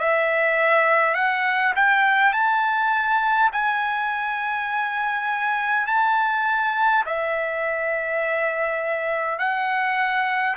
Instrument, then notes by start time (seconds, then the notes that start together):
trumpet
0.00 E5
1.15 F#5
1.76 G5
2.33 A5
3.53 G#5
5.87 A5
7.06 E5
9.40 F#5